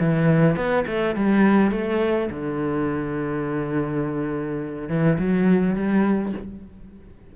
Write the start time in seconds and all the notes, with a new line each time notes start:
0.00 E3
0.56 B3
0.87 A3
1.16 G3
1.72 A3
2.30 D3
4.89 E3
5.19 F#3
5.75 G3